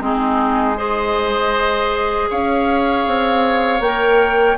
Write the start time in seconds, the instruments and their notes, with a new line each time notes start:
0.00 bassoon G#3, clarinet C4, oboe D#4, flute G#4
0.76 clarinet G#4, oboe C5, flute D#5
2.30 bassoon C#4, oboe C#5, flute F5
3.07 bassoon C4
3.80 bassoon A#3, clarinet A#4, flute G5